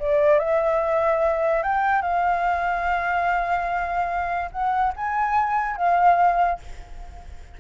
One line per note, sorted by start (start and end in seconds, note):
0.00 0.39 D5
0.39 1.63 E5
1.63 2.02 G5
2.02 4.50 F5
4.52 4.93 F#5
4.96 5.77 G#5
5.77 6.60 F5